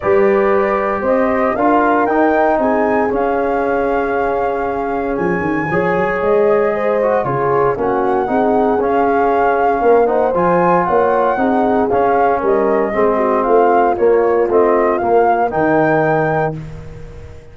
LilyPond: <<
  \new Staff \with { instrumentName = "flute" } { \time 4/4 \tempo 4 = 116 d''2 dis''4 f''4 | g''4 gis''4 f''2~ | f''2 gis''2 | dis''2 cis''4 fis''4~ |
fis''4 f''2~ f''8 fis''8 | gis''4 fis''2 f''4 | dis''2 f''4 cis''4 | dis''4 f''4 g''2 | }
  \new Staff \with { instrumentName = "horn" } { \time 4/4 b'2 c''4 ais'4~ | ais'4 gis'2.~ | gis'2. cis''4~ | cis''4 c''4 gis'4 fis'4 |
gis'2. ais'8 c''8~ | c''4 cis''4 gis'2 | ais'4 gis'8 fis'8 f'2~ | f'2 ais'2 | }
  \new Staff \with { instrumentName = "trombone" } { \time 4/4 g'2. f'4 | dis'2 cis'2~ | cis'2. gis'4~ | gis'4. fis'8 f'4 cis'4 |
dis'4 cis'2~ cis'8 dis'8 | f'2 dis'4 cis'4~ | cis'4 c'2 ais4 | c'4 ais4 dis'2 | }
  \new Staff \with { instrumentName = "tuba" } { \time 4/4 g2 c'4 d'4 | dis'4 c'4 cis'2~ | cis'2 f8 dis8 f8 fis8 | gis2 cis4 ais4 |
c'4 cis'2 ais4 | f4 ais4 c'4 cis'4 | g4 gis4 a4 ais4 | a4 ais4 dis2 | }
>>